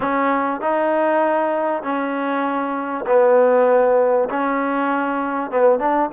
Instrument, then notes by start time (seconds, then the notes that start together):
trombone
0.00 C#4
0.60 D#4
1.83 C#4
3.06 B3
4.29 C#4
5.50 B3
5.79 D4